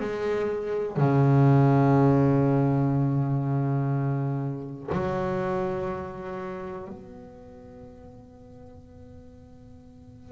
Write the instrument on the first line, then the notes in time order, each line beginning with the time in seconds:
double bass
0.00 G#3
0.97 C#3
4.92 F#3
6.88 B3